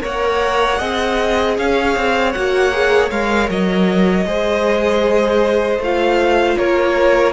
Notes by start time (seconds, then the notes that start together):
0.00 A#3 A#4 C#5 F#5
0.79 C4 G#4 D#5
1.57 C#4 C#5 F5
1.96 C4
2.32 A#3 F#4 F#5
2.72 G#4
3.10 G#3 A#4 F5
3.49 F#3 D#5
4.25 G#3 G#4 C5
5.78 A3 F4 F5
6.57 A#3 A#4 C#5